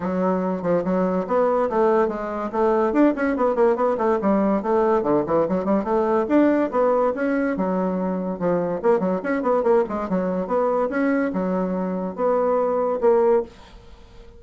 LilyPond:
\new Staff \with { instrumentName = "bassoon" } { \time 4/4 \tempo 4 = 143 fis4. f8 fis4 b4 | a4 gis4 a4 d'8 cis'8 | b8 ais8 b8 a8 g4 a4 | d8 e8 fis8 g8 a4 d'4 |
b4 cis'4 fis2 | f4 ais8 fis8 cis'8 b8 ais8 gis8 | fis4 b4 cis'4 fis4~ | fis4 b2 ais4 | }